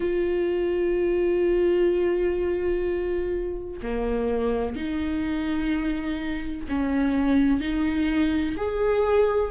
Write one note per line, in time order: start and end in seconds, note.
0.00 3.81 F4
3.82 4.76 A#3
4.76 6.66 D#4
6.68 7.60 C#4
7.60 8.55 D#4
8.57 9.51 G#4